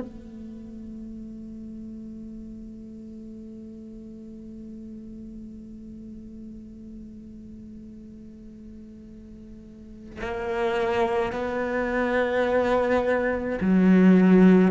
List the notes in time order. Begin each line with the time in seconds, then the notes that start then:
0.00 A3
10.21 A#3
11.33 B3
13.61 F#3